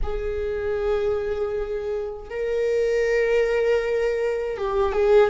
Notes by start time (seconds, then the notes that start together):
0.02 G#4
2.30 A#4
4.57 G4
4.92 G#4